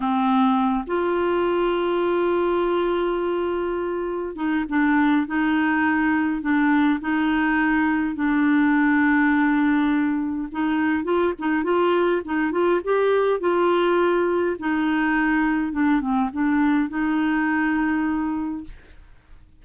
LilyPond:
\new Staff \with { instrumentName = "clarinet" } { \time 4/4 \tempo 4 = 103 c'4. f'2~ f'8~ | f'2.~ f'8 dis'8 | d'4 dis'2 d'4 | dis'2 d'2~ |
d'2 dis'4 f'8 dis'8 | f'4 dis'8 f'8 g'4 f'4~ | f'4 dis'2 d'8 c'8 | d'4 dis'2. | }